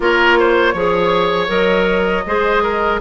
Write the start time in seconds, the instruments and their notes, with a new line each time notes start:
0.00 bassoon A#3, clarinet F4, oboe A#4, flute C#5
0.39 oboe C5
0.73 bassoon F3, clarinet G#4, oboe C#5
1.47 bassoon F#3, clarinet A#4, flute D#5
2.26 bassoon G#3, clarinet G#4, oboe C5
2.63 oboe A#4